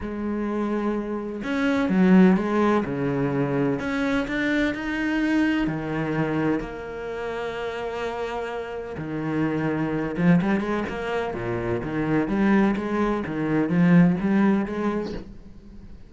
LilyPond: \new Staff \with { instrumentName = "cello" } { \time 4/4 \tempo 4 = 127 gis2. cis'4 | fis4 gis4 cis2 | cis'4 d'4 dis'2 | dis2 ais2~ |
ais2. dis4~ | dis4. f8 g8 gis8 ais4 | ais,4 dis4 g4 gis4 | dis4 f4 g4 gis4 | }